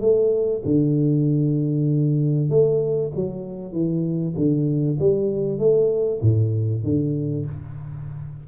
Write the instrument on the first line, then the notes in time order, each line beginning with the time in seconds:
tuba
0.00 A3
0.64 D3
2.49 A3
3.15 F#3
3.72 E3
4.36 D3
4.98 G3
5.58 A3
6.21 A2
6.83 D3